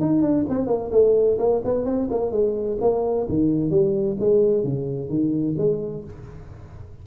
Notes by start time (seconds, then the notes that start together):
0.00 D#4
0.22 D4
0.49 C4
0.67 A#3
0.91 A3
1.38 A#3
1.64 B3
1.85 C4
2.10 A#3
2.31 G#3
2.80 A#3
3.28 D#3
3.70 G3
4.19 G#3
4.63 C#3
5.09 D#3
5.57 G#3